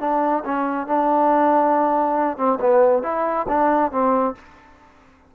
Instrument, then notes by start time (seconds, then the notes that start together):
trombone
0.00 D4
0.45 C#4
0.87 D4
2.37 C4
2.60 B3
3.03 E4
3.48 D4
3.92 C4